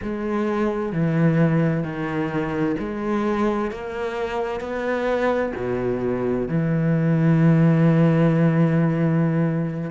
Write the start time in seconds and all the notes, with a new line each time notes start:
0.02 G#3
0.92 E3
1.83 D#3
2.79 G#3
3.71 A#3
4.60 B3
5.56 B2
6.47 E3